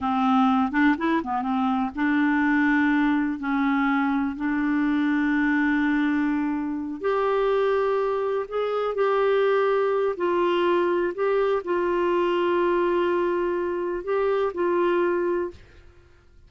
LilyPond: \new Staff \with { instrumentName = "clarinet" } { \time 4/4 \tempo 4 = 124 c'4. d'8 e'8 b8 c'4 | d'2. cis'4~ | cis'4 d'2.~ | d'2~ d'8 g'4.~ |
g'4. gis'4 g'4.~ | g'4 f'2 g'4 | f'1~ | f'4 g'4 f'2 | }